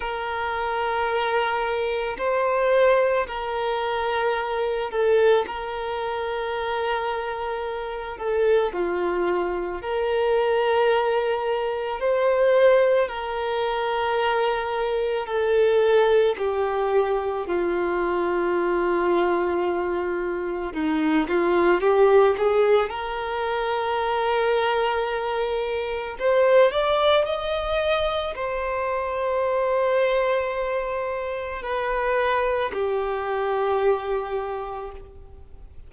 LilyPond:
\new Staff \with { instrumentName = "violin" } { \time 4/4 \tempo 4 = 55 ais'2 c''4 ais'4~ | ais'8 a'8 ais'2~ ais'8 a'8 | f'4 ais'2 c''4 | ais'2 a'4 g'4 |
f'2. dis'8 f'8 | g'8 gis'8 ais'2. | c''8 d''8 dis''4 c''2~ | c''4 b'4 g'2 | }